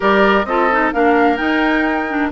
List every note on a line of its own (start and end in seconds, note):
0.00 0.44 G3
0.00 0.45 G4
0.00 0.46 A#4
0.00 0.45 D5
0.44 0.90 C4
0.44 0.71 F4
0.44 0.93 A4
0.44 0.91 D#5
0.71 0.93 D#4
0.92 1.39 A#3
0.92 1.37 D4
0.92 2.31 A#4
0.92 1.37 F5
1.37 2.06 D#4
1.37 2.31 D#4
1.37 2.29 G5
2.09 2.31 D4